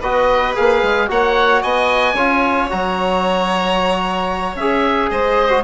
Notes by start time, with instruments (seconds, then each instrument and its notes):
0.00 bassoon B3, trombone F#4, violin B4, oboe D#5
0.55 bassoon A#3, trombone G#4, oboe F5
0.83 bassoon G#3
1.08 bassoon A#3, trombone F#4, violin C#5, oboe F#5
1.63 bassoon B3, violin D#5, oboe G#5
2.14 bassoon C#4, trombone F4, violin C#5
2.70 bassoon F#3, trombone F#4, oboe A#5
4.55 bassoon C#4, trombone G#4, oboe E5
5.10 bassoon G#3, violin C5, oboe D#5
5.50 trombone F#4